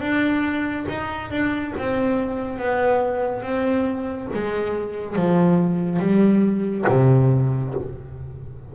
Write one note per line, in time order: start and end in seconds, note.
0.00 0.86 D4
0.88 1.31 D#4
1.31 1.73 D4
1.78 2.59 C4
2.59 3.42 B3
3.42 4.28 C4
4.34 5.16 G#3
5.16 5.99 F3
5.99 6.85 G3
6.88 7.74 C3